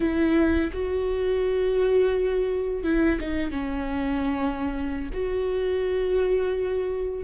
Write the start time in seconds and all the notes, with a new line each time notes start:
0.00 E4
0.72 F#4
2.83 E4
3.20 D#4
3.51 C#4
5.13 F#4